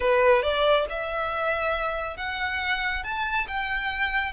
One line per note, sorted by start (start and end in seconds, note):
0.00 0.42 B4
0.42 0.86 D5
0.89 2.17 E5
2.17 3.03 F#5
3.03 3.47 A5
3.47 4.32 G5